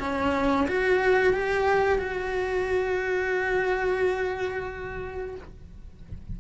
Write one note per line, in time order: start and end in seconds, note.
0.00 0.67 C#4
0.68 1.34 F#4
1.34 1.98 G4
1.98 5.35 F#4